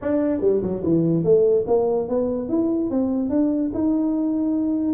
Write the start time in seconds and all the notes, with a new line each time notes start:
0.01 D4
0.40 G3
0.62 F#3
0.83 E3
1.24 A3
1.67 A#3
2.08 B3
2.48 E4
2.90 C4
3.29 D4
3.74 D#4